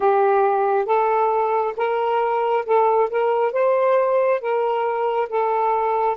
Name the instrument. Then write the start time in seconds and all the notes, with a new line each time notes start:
saxophone
0.00 G4
0.85 A4
1.76 A#4
2.65 A4
3.10 A#4
3.52 C5
4.40 A#4
5.29 A4